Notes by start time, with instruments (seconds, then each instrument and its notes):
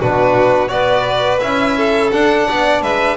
0.00 double bass B2, trombone D4, violin F#4 B4
0.68 double bass B3, trombone F#4, violin B4 D5
1.40 double bass C#4, trombone E4, violin E5
1.77 violin A4
2.12 trombone D4, double bass D4, violin F#5
2.47 double bass B3, violin D5
2.82 double bass G#3, violin B4 E5